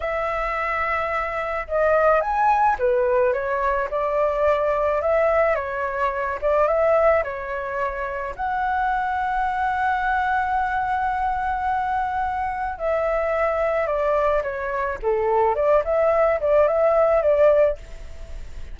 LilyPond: \new Staff \with { instrumentName = "flute" } { \time 4/4 \tempo 4 = 108 e''2. dis''4 | gis''4 b'4 cis''4 d''4~ | d''4 e''4 cis''4. d''8 | e''4 cis''2 fis''4~ |
fis''1~ | fis''2. e''4~ | e''4 d''4 cis''4 a'4 | d''8 e''4 d''8 e''4 d''4 | }